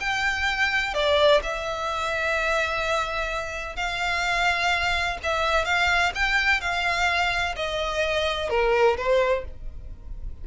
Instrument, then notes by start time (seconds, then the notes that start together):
violin
0.00 G5
0.94 D5
1.43 E5
3.76 F5
5.23 E5
5.65 F5
6.15 G5
6.61 F5
7.56 D#5
8.50 A#4
8.97 C5